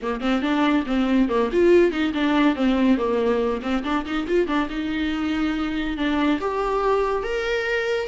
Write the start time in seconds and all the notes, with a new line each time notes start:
0.02 A#3
0.21 C4
0.42 D4
0.86 C4
1.28 A#3
1.52 F4
1.91 D#4
2.14 D4
2.55 C4
2.97 A#3
3.62 C4
3.83 D4
4.05 D#4
4.27 F4
4.47 D4
4.69 D#4
5.97 D4
6.40 G4
7.23 A#4